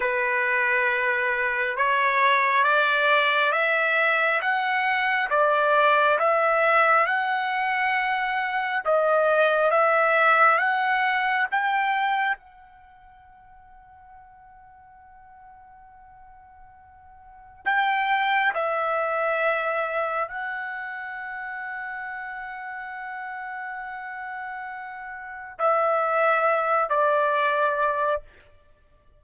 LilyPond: \new Staff \with { instrumentName = "trumpet" } { \time 4/4 \tempo 4 = 68 b'2 cis''4 d''4 | e''4 fis''4 d''4 e''4 | fis''2 dis''4 e''4 | fis''4 g''4 fis''2~ |
fis''1 | g''4 e''2 fis''4~ | fis''1~ | fis''4 e''4. d''4. | }